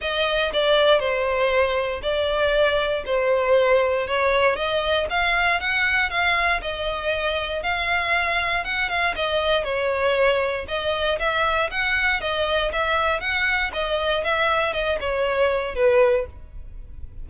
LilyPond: \new Staff \with { instrumentName = "violin" } { \time 4/4 \tempo 4 = 118 dis''4 d''4 c''2 | d''2 c''2 | cis''4 dis''4 f''4 fis''4 | f''4 dis''2 f''4~ |
f''4 fis''8 f''8 dis''4 cis''4~ | cis''4 dis''4 e''4 fis''4 | dis''4 e''4 fis''4 dis''4 | e''4 dis''8 cis''4. b'4 | }